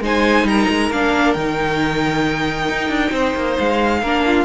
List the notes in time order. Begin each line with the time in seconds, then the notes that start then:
0.00 G#3 D#4 C5 G#5
0.43 G3 A#4 A#5
0.69 G#3
0.90 A#3 D4 F5
1.33 D#3 D#4 G5
2.68 D#4
2.88 D4
3.11 C4 C5
3.35 A#3
3.59 G#3 F5
4.02 A#3 D4 A#4
4.25 F4